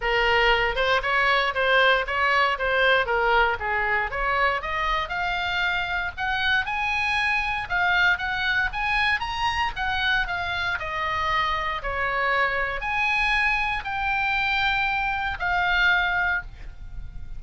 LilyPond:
\new Staff \with { instrumentName = "oboe" } { \time 4/4 \tempo 4 = 117 ais'4. c''8 cis''4 c''4 | cis''4 c''4 ais'4 gis'4 | cis''4 dis''4 f''2 | fis''4 gis''2 f''4 |
fis''4 gis''4 ais''4 fis''4 | f''4 dis''2 cis''4~ | cis''4 gis''2 g''4~ | g''2 f''2 | }